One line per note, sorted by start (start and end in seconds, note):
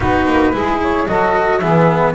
0.00 0.25 B3
0.00 0.53 D#4
0.00 0.53 F#4
0.00 0.81 B4
0.25 0.52 A#3
0.53 1.06 G#3
0.53 1.06 E4
0.53 1.08 G#4
0.81 1.07 C#5
1.07 1.62 F#3
1.07 1.61 F#4
1.07 1.59 A4
1.07 1.59 D#5
1.59 2.14 E3
1.59 2.14 B3
1.59 2.13 G#4
1.59 2.12 E5